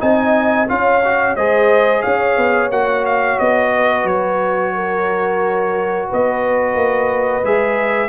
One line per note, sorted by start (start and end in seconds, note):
0.00 0.70 C4
0.00 0.67 D#4
0.00 0.68 D#5
0.00 0.69 G#5
0.68 1.37 C#4
0.68 1.02 F4
0.68 1.37 C#5
0.68 1.36 F5
1.05 1.38 F#4
1.36 2.04 G#3
1.36 2.72 G#4
1.36 2.02 C5
1.36 2.03 D#5
2.02 2.37 C#4
2.02 3.71 C#5
2.02 2.70 F5
2.37 2.71 B3
2.71 3.38 A#3
2.71 7.44 F#4
2.71 3.06 F#5
3.06 3.40 F5
3.40 4.05 B3
3.40 4.07 D#5
3.77 4.75 B4
4.05 6.07 F#3
4.05 6.09 C#5
4.75 6.09 A#4
6.09 6.75 B3
6.09 8.09 B4
6.09 7.46 D#5
6.75 7.43 A#3
7.45 8.09 G#3
7.45 8.09 G#4
7.45 8.09 E5